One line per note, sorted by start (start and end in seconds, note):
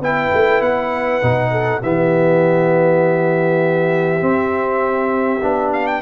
0.00 0.30 B3
0.00 1.22 E4
0.00 1.51 B4
0.00 0.61 G5
0.33 0.61 A3
0.61 1.21 B3
0.61 1.81 F#5
1.22 1.82 B2
1.22 1.82 D#4
1.51 1.81 A4
1.82 4.21 E3
1.82 4.20 B3
1.82 6.01 G4
1.82 5.73 E5
4.20 5.40 C4
4.20 5.42 C4
5.42 6.01 B3
5.42 6.01 D4
5.73 5.87 F5
5.87 6.01 G5